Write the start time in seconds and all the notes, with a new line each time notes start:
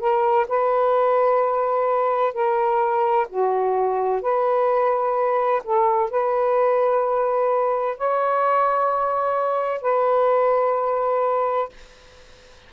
0.00 A#4
0.49 B4
2.34 A#4
3.29 F#4
4.22 B4
5.65 A4
6.11 B4
7.98 C#5
9.82 B4